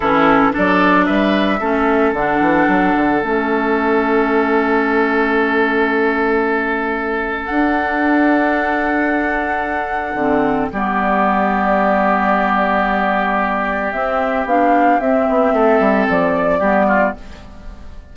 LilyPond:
<<
  \new Staff \with { instrumentName = "flute" } { \time 4/4 \tempo 4 = 112 a'4 d''4 e''2 | fis''2 e''2~ | e''1~ | e''2 fis''2~ |
fis''1 | d''1~ | d''2 e''4 f''4 | e''2 d''2 | }
  \new Staff \with { instrumentName = "oboe" } { \time 4/4 e'4 a'4 b'4 a'4~ | a'1~ | a'1~ | a'1~ |
a'1 | g'1~ | g'1~ | g'4 a'2 g'8 f'8 | }
  \new Staff \with { instrumentName = "clarinet" } { \time 4/4 cis'4 d'2 cis'4 | d'2 cis'2~ | cis'1~ | cis'2 d'2~ |
d'2. c'4 | b1~ | b2 c'4 d'4 | c'2. b4 | }
  \new Staff \with { instrumentName = "bassoon" } { \time 4/4 e4 fis4 g4 a4 | d8 e8 fis8 d8 a2~ | a1~ | a2 d'2~ |
d'2. d4 | g1~ | g2 c'4 b4 | c'8 b8 a8 g8 f4 g4 | }
>>